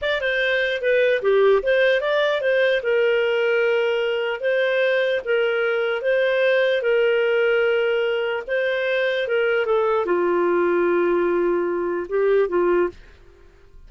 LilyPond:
\new Staff \with { instrumentName = "clarinet" } { \time 4/4 \tempo 4 = 149 d''8 c''4. b'4 g'4 | c''4 d''4 c''4 ais'4~ | ais'2. c''4~ | c''4 ais'2 c''4~ |
c''4 ais'2.~ | ais'4 c''2 ais'4 | a'4 f'2.~ | f'2 g'4 f'4 | }